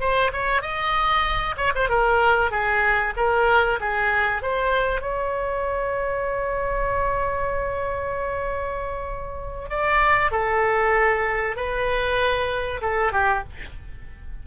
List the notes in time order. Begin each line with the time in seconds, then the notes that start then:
0.00 C5
0.32 C#5
0.61 D#5
1.57 C#5
1.75 C5
1.89 A#4
2.51 G#4
3.16 A#4
3.80 G#4
4.42 C5
5.01 C#5
9.69 D5
10.31 A4
11.56 B4
12.81 A4
13.12 G4